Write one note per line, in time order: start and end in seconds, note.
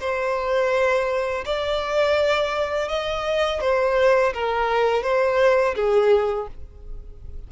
0.00 1.45 C5
1.45 2.88 D5
2.88 3.61 D#5
3.61 4.33 C5
4.33 5.03 A#4
5.03 5.75 C5
5.75 6.48 G#4